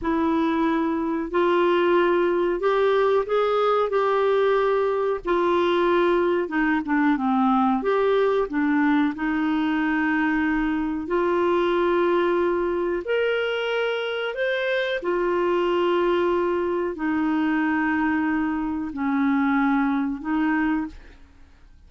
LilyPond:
\new Staff \with { instrumentName = "clarinet" } { \time 4/4 \tempo 4 = 92 e'2 f'2 | g'4 gis'4 g'2 | f'2 dis'8 d'8 c'4 | g'4 d'4 dis'2~ |
dis'4 f'2. | ais'2 c''4 f'4~ | f'2 dis'2~ | dis'4 cis'2 dis'4 | }